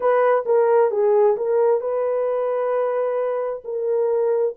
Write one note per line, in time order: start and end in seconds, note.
0.00 0.44 B4
0.45 0.90 A#4
0.90 1.36 G#4
1.36 1.81 A#4
1.81 3.62 B4
3.64 4.55 A#4